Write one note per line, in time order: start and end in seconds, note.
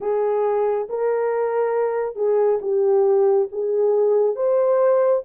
0.00 0.87 G#4
0.89 2.15 A#4
2.15 2.59 G#4
2.61 3.48 G4
3.51 4.35 G#4
4.35 5.22 C5